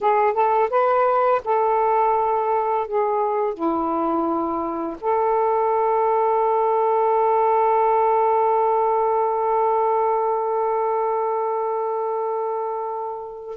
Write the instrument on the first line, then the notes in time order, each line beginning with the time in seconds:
saxophone
0.00 G#4
0.33 A4
0.69 B4
1.44 A4
2.87 G#4
3.54 E4
5.01 A4